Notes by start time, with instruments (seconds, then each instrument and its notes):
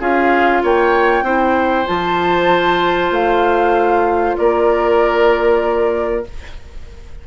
0.00 bassoon C#4, clarinet F4, oboe G#4, flute F5
0.63 bassoon A#3, oboe C#5, flute G5
1.23 bassoon C4, clarinet E4, oboe C5
1.86 bassoon F3, clarinet F4, flute A5
3.11 bassoon A3, flute F5
4.38 bassoon A#3, oboe A#4, flute D5